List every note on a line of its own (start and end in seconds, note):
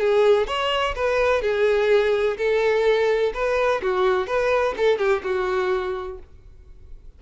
0.00 0.47 G#4
0.47 0.95 C#5
0.95 1.42 B4
1.42 2.37 G#4
2.37 3.32 A4
3.34 3.82 B4
3.82 4.27 F#4
4.27 4.74 B4
4.77 4.98 A4
4.98 5.22 G4
5.23 6.19 F#4